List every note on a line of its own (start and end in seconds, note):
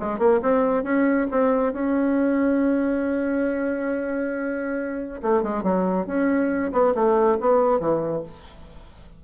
0.00 0.19 G#3
0.19 0.41 A#3
0.42 0.84 C4
0.84 1.27 C#4
1.31 1.73 C4
1.73 5.21 C#4
5.23 5.43 A3
5.43 5.63 G#3
5.63 6.07 F#3
6.07 6.72 C#4
6.73 6.94 B3
6.95 7.39 A3
7.40 7.80 B3
7.80 8.24 E3